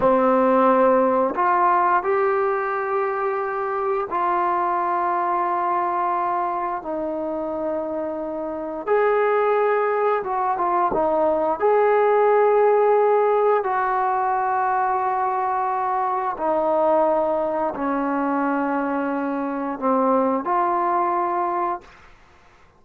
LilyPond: \new Staff \with { instrumentName = "trombone" } { \time 4/4 \tempo 4 = 88 c'2 f'4 g'4~ | g'2 f'2~ | f'2 dis'2~ | dis'4 gis'2 fis'8 f'8 |
dis'4 gis'2. | fis'1 | dis'2 cis'2~ | cis'4 c'4 f'2 | }